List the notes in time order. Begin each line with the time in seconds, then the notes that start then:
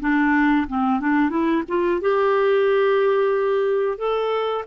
0.00 D4
0.68 C4
1.00 D4
1.29 E4
1.68 F4
2.01 G4
3.98 A4